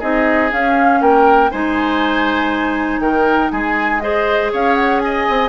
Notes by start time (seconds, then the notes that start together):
0.00 C4 D#4 G#4 D#5
0.52 C#4 F5
1.01 A#3 A#4 G5
1.51 G#3 D#4 C5 G#5
3.00 D#3 A#4 G5
3.51 G#3 G#4 G#5
4.01 G#4 C5 D#5
4.53 C#4 C#5 F5
4.75 F#5
5.00 D#5 G#5
5.29 C4